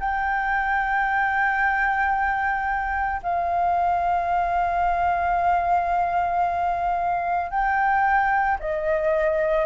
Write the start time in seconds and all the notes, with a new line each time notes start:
0.00 G5
3.22 F5
7.50 G5
8.60 D#5